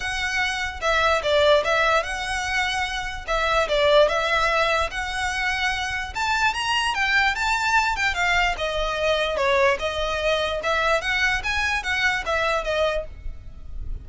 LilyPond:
\new Staff \with { instrumentName = "violin" } { \time 4/4 \tempo 4 = 147 fis''2 e''4 d''4 | e''4 fis''2. | e''4 d''4 e''2 | fis''2. a''4 |
ais''4 g''4 a''4. g''8 | f''4 dis''2 cis''4 | dis''2 e''4 fis''4 | gis''4 fis''4 e''4 dis''4 | }